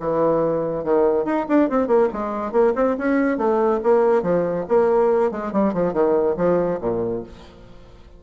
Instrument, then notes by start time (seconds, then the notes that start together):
bassoon
0.00 E3
0.84 D#3
1.25 D#4
1.49 D4
1.70 C4
1.87 A#3
2.13 G#3
2.52 A#3
2.75 C4
2.98 C#4
3.38 A3
3.84 A#3
4.23 F3
4.69 A#3
5.31 G#3
5.52 G3
5.74 F3
5.93 D#3
6.37 F3
6.81 A#2